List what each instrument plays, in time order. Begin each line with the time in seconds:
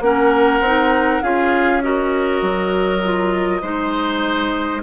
0.00 bassoon A#3, clarinet C#4, oboe A#4, flute F#5
0.60 bassoon C4, clarinet D#4
1.22 bassoon C#4, clarinet F4, oboe G#4, flute F5
1.81 clarinet F#4, oboe A#4, flute D#5
2.42 bassoon F#3
3.04 clarinet F4
3.61 bassoon G#3, clarinet D#4, oboe C5